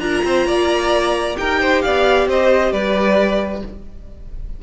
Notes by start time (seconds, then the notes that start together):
0.00 D4 F4 A#4 A#5
0.24 C4 C5
0.46 A#3 D5
1.36 D#4 G4 A#4 G5
1.61 C5
1.82 B3 D5 F5
2.27 C4 C5 D#5
2.72 G3 B4 D5